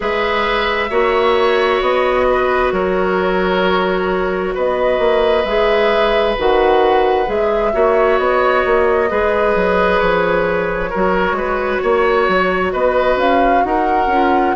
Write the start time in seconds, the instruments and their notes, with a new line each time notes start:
0.00 bassoon G#3, clarinet G#4, oboe B4, flute E5
0.89 bassoon A#3, clarinet F#4, oboe C#5
1.81 bassoon B3, flute D#5
2.30 oboe B4
2.72 bassoon F#3, oboe A#4, flute C#5
4.54 bassoon B3, oboe B4, flute D#5
4.98 bassoon A#3
5.45 bassoon G#3, clarinet G#4, flute E5
6.38 bassoon D#3, clarinet F#4, flute F#5
7.26 bassoon G#3, clarinet G#4, flute E5
7.72 bassoon A#3, clarinet F#4, oboe C#5
8.18 bassoon B3, flute D#5
8.65 bassoon A#3
9.09 bassoon G#3, clarinet G#4, oboe B4
9.55 bassoon F#3
9.99 bassoon F3, flute C#5
10.90 bassoon F#3, clarinet F#4, oboe A#4
11.31 bassoon G#3, oboe B4
11.81 bassoon A#3, oboe C#5
12.27 bassoon F#3
12.72 bassoon B3, oboe B4, flute D#5
13.16 bassoon C#4, flute F5
13.64 bassoon D#4, oboe A#4, flute F#5
14.06 bassoon C#4, clarinet F4